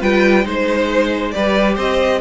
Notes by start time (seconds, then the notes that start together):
0.00 G3 F4 B4 G5
0.44 G#3 D#4 C5
1.30 G3 G4 B4 D5
1.75 C4 C5 D#5